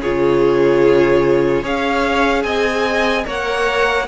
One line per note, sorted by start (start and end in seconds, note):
0.00 1.63 C#3
0.00 1.62 F4
0.00 1.62 G#4
0.00 1.64 C#5
1.62 2.44 C#4
1.62 3.24 G#4
1.62 2.43 C#5
1.62 2.43 F5
2.43 3.25 C4
2.43 3.26 D#5
2.43 3.24 G#5
3.25 4.07 A#3
3.25 4.06 A#4
3.25 4.07 C#5
3.25 4.07 F#5